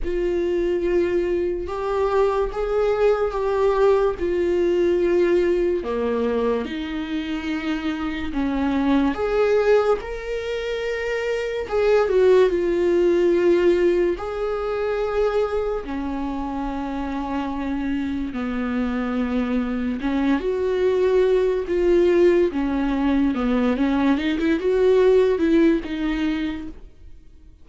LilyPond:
\new Staff \with { instrumentName = "viola" } { \time 4/4 \tempo 4 = 72 f'2 g'4 gis'4 | g'4 f'2 ais4 | dis'2 cis'4 gis'4 | ais'2 gis'8 fis'8 f'4~ |
f'4 gis'2 cis'4~ | cis'2 b2 | cis'8 fis'4. f'4 cis'4 | b8 cis'8 dis'16 e'16 fis'4 e'8 dis'4 | }